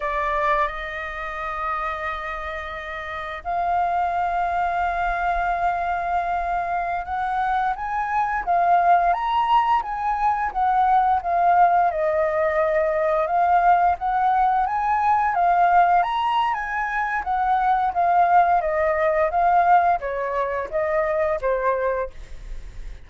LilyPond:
\new Staff \with { instrumentName = "flute" } { \time 4/4 \tempo 4 = 87 d''4 dis''2.~ | dis''4 f''2.~ | f''2~ f''16 fis''4 gis''8.~ | gis''16 f''4 ais''4 gis''4 fis''8.~ |
fis''16 f''4 dis''2 f''8.~ | f''16 fis''4 gis''4 f''4 ais''8. | gis''4 fis''4 f''4 dis''4 | f''4 cis''4 dis''4 c''4 | }